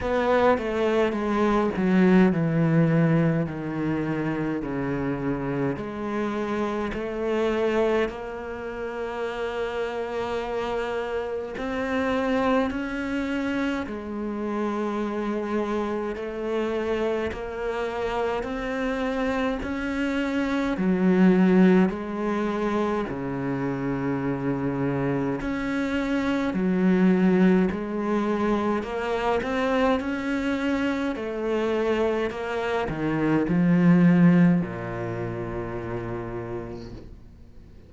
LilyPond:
\new Staff \with { instrumentName = "cello" } { \time 4/4 \tempo 4 = 52 b8 a8 gis8 fis8 e4 dis4 | cis4 gis4 a4 ais4~ | ais2 c'4 cis'4 | gis2 a4 ais4 |
c'4 cis'4 fis4 gis4 | cis2 cis'4 fis4 | gis4 ais8 c'8 cis'4 a4 | ais8 dis8 f4 ais,2 | }